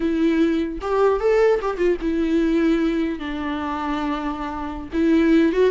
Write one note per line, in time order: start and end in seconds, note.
0.00 0.79 E4
0.81 1.19 G4
1.19 1.59 A4
1.61 1.77 G4
1.77 1.97 F4
2.01 3.19 E4
3.19 4.89 D4
4.92 5.52 E4
5.52 5.70 F#4